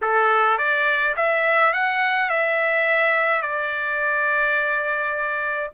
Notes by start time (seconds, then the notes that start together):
0.01 A4
0.58 D5
1.16 E5
1.73 F#5
2.29 E5
3.42 D5